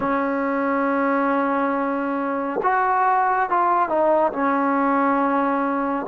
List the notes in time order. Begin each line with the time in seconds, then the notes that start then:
0.00 C#4
2.62 F#4
3.49 F4
3.88 D#4
4.32 C#4